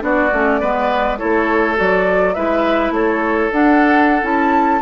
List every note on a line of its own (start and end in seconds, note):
0.00 0.31 B3
0.00 0.29 D4
0.00 0.60 F#4
0.00 1.18 D5
0.32 0.62 A3
0.32 0.61 C#4
0.60 1.20 G#3
0.60 1.18 B3
0.60 1.18 B4
1.18 1.80 A3
1.18 1.76 E4
1.18 2.35 A4
1.18 1.76 C#5
1.76 2.36 F#3
1.76 2.34 F#4
1.76 2.34 D5
2.34 2.90 G#3
2.34 3.51 E4
2.34 2.93 B4
2.34 2.92 E5
2.90 3.49 A3
2.90 4.82 A4
2.90 3.51 C#5
3.51 4.22 D4
3.51 4.23 D4
3.51 4.24 F#5
4.22 4.81 C#4
4.22 4.80 E4
4.22 4.82 A5